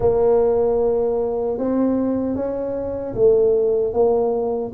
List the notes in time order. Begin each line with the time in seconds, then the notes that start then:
0.00 A#3
1.58 C4
2.35 C#4
3.14 A3
3.93 A#3